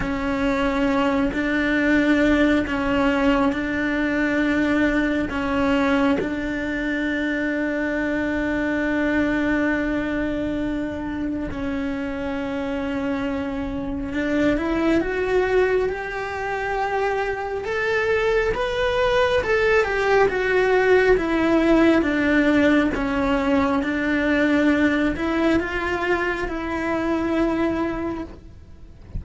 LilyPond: \new Staff \with { instrumentName = "cello" } { \time 4/4 \tempo 4 = 68 cis'4. d'4. cis'4 | d'2 cis'4 d'4~ | d'1~ | d'4 cis'2. |
d'8 e'8 fis'4 g'2 | a'4 b'4 a'8 g'8 fis'4 | e'4 d'4 cis'4 d'4~ | d'8 e'8 f'4 e'2 | }